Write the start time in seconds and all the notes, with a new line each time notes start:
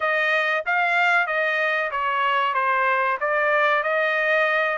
0.00 D#5
0.66 F5
1.26 D#5
1.91 C#5
2.54 C5
3.20 D5
3.83 D#5